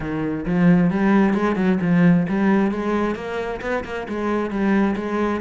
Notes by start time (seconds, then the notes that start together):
0.00 D#3
0.45 F3
0.90 G3
1.33 G#3
1.55 F#3
1.81 F3
2.29 G3
2.71 G#3
3.15 A#3
3.61 B3
3.84 A#3
4.08 G#3
4.50 G3
4.96 G#3